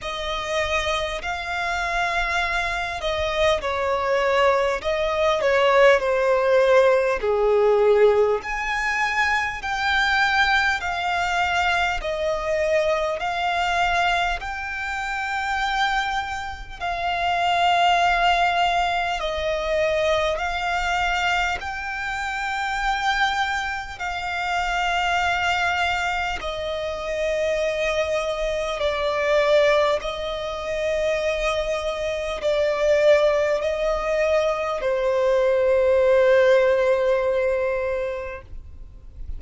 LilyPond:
\new Staff \with { instrumentName = "violin" } { \time 4/4 \tempo 4 = 50 dis''4 f''4. dis''8 cis''4 | dis''8 cis''8 c''4 gis'4 gis''4 | g''4 f''4 dis''4 f''4 | g''2 f''2 |
dis''4 f''4 g''2 | f''2 dis''2 | d''4 dis''2 d''4 | dis''4 c''2. | }